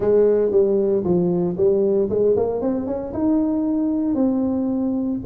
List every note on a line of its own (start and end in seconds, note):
0.00 0.51 G#3
0.51 1.03 G3
1.04 1.56 F3
1.57 2.09 G3
2.09 2.35 G#3
2.36 2.61 A#3
2.61 2.86 C4
2.86 3.12 C#4
3.13 4.15 D#4
4.15 5.19 C4